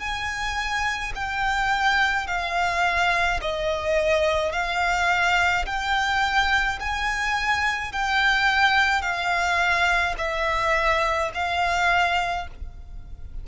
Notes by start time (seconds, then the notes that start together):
0.00 G#5
1.15 G5
2.27 F5
3.42 D#5
4.52 F5
5.66 G5
6.80 G#5
7.92 G5
9.02 F5
10.18 E5
11.34 F5